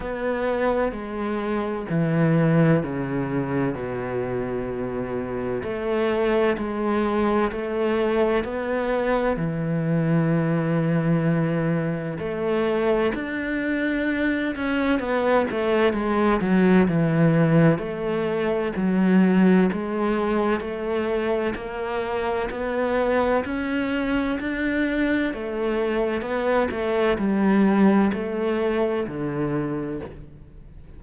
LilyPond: \new Staff \with { instrumentName = "cello" } { \time 4/4 \tempo 4 = 64 b4 gis4 e4 cis4 | b,2 a4 gis4 | a4 b4 e2~ | e4 a4 d'4. cis'8 |
b8 a8 gis8 fis8 e4 a4 | fis4 gis4 a4 ais4 | b4 cis'4 d'4 a4 | b8 a8 g4 a4 d4 | }